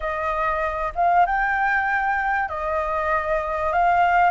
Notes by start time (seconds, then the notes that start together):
0.00 D#5
0.95 F5
1.26 G5
2.49 D#5
3.73 F5